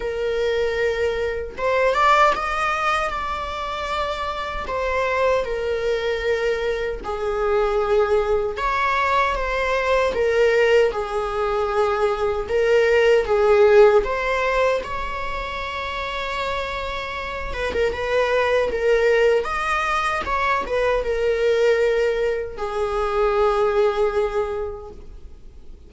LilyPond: \new Staff \with { instrumentName = "viola" } { \time 4/4 \tempo 4 = 77 ais'2 c''8 d''8 dis''4 | d''2 c''4 ais'4~ | ais'4 gis'2 cis''4 | c''4 ais'4 gis'2 |
ais'4 gis'4 c''4 cis''4~ | cis''2~ cis''8 b'16 ais'16 b'4 | ais'4 dis''4 cis''8 b'8 ais'4~ | ais'4 gis'2. | }